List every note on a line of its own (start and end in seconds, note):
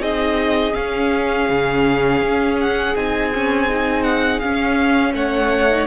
0.00 0.73 C4
0.00 0.73 D#4
0.00 5.13 G#4
0.00 0.74 D#5
0.74 2.94 C#4
0.74 1.49 C#4
0.74 2.57 F5
1.49 2.22 C#3
2.22 2.95 C#4
2.61 2.96 F#5
2.96 4.42 C4
2.96 3.33 D#4
2.96 4.03 G#5
3.34 3.69 C#4
3.69 4.42 D#4
4.03 4.40 F#5
4.40 5.70 C#4
4.40 5.14 C#4
4.40 5.13 F5
5.14 5.87 A3
5.14 5.87 C#5
5.14 5.87 F#5
5.70 5.87 D#4